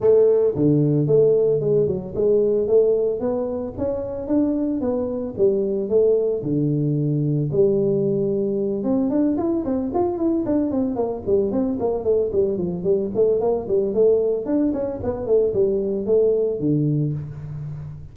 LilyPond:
\new Staff \with { instrumentName = "tuba" } { \time 4/4 \tempo 4 = 112 a4 d4 a4 gis8 fis8 | gis4 a4 b4 cis'4 | d'4 b4 g4 a4 | d2 g2~ |
g8 c'8 d'8 e'8 c'8 f'8 e'8 d'8 | c'8 ais8 g8 c'8 ais8 a8 g8 f8 | g8 a8 ais8 g8 a4 d'8 cis'8 | b8 a8 g4 a4 d4 | }